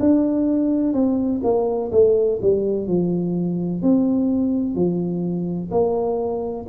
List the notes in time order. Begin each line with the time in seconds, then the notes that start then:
0.00 D4
0.93 C4
1.43 A#3
1.92 A3
2.42 G3
2.87 F3
3.82 C4
4.75 F3
5.71 A#3